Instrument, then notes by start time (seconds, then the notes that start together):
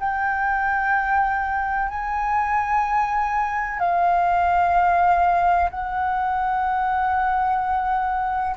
flute
0.00 G5
1.89 G#5
3.79 F5
5.70 F#5